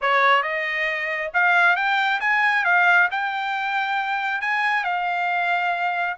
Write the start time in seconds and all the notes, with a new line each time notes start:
0.01 C#5
0.43 D#5
1.33 F5
1.75 G5
2.20 G#5
2.64 F5
3.11 G5
4.41 G#5
4.83 F5